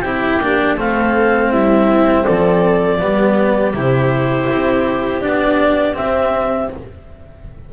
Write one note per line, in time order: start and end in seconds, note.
0.00 0.38 C4
0.00 0.41 E4
0.00 0.77 G4
0.00 0.74 G5
0.41 0.77 A#3
0.41 0.77 D4
0.77 1.51 A3
0.77 2.99 C4
0.77 1.51 A4
0.77 1.52 F5
1.51 2.25 G3
1.51 2.24 E4
1.51 2.24 E5
2.24 3.01 F3
2.24 2.98 A4
2.24 3.73 D5
2.99 3.74 G3
2.99 3.73 B3
2.99 6.72 G4
3.74 4.48 C3
3.74 5.21 E4
3.74 5.21 C5
4.49 5.23 C4
5.21 5.98 B3
5.21 5.94 D4
5.21 5.95 D5
5.94 6.68 C4
5.94 6.73 C4
5.94 6.70 E5